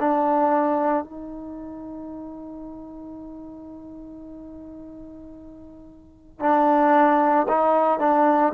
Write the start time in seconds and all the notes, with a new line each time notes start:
0.00 D4
1.04 D#4
6.40 D4
7.49 D#4
8.00 D4